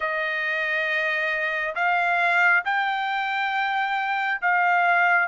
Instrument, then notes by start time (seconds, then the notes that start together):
trumpet
0.00 D#5
1.75 F5
2.65 G5
4.41 F5